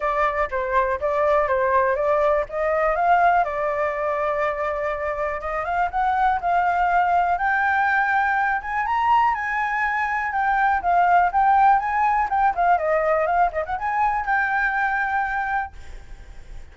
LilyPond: \new Staff \with { instrumentName = "flute" } { \time 4/4 \tempo 4 = 122 d''4 c''4 d''4 c''4 | d''4 dis''4 f''4 d''4~ | d''2. dis''8 f''8 | fis''4 f''2 g''4~ |
g''4. gis''8 ais''4 gis''4~ | gis''4 g''4 f''4 g''4 | gis''4 g''8 f''8 dis''4 f''8 dis''16 fis''16 | gis''4 g''2. | }